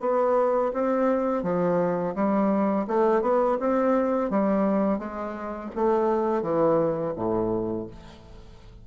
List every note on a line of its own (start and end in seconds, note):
0.00 0.71 B3
0.73 1.43 C4
1.43 2.14 F3
2.15 2.86 G3
2.87 3.21 A3
3.21 3.57 B3
3.59 4.30 C4
4.30 4.98 G3
4.98 5.70 G#3
5.75 6.42 A3
6.42 7.13 E3
7.15 7.87 A2